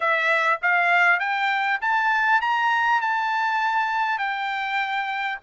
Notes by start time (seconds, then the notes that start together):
0.00 E5
0.62 F5
1.19 G5
1.81 A5
2.41 A#5
3.01 A5
4.18 G5